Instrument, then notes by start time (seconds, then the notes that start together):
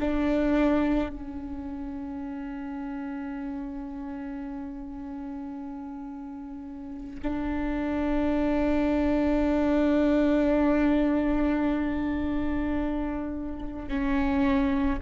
viola
0.00 D4
1.09 C#4
7.22 D4
13.88 C#4